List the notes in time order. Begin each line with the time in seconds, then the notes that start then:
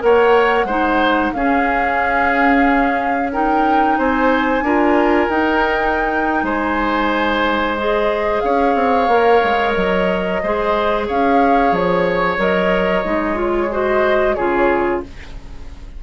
0.00 A#3 A#4 C#5 F#5
0.65 G#3 D#4 C5
1.33 C#4 G#4 F5
3.33 D#4 A#4 G5
3.98 C4 C5 G#5
4.62 D4 F4 A#4
5.29 D#4 G5
6.43 G#3 C5 G#5
7.78 G#4 D#5
8.41 C#4 C#5 F5
8.75 C4
9.08 A#3 A#4
9.44 G#3
9.75 F#3 D#5
10.43 G#3 G#4 C5
11.08 C#4 C#5 F5
11.72 F3 C#5
12.38 F#3 A#4 D#5
13.05 G#3 D#4
13.35 F4 C#5
13.72 F#4 C5 D#5
14.34 C#3 F4 G#4 C#5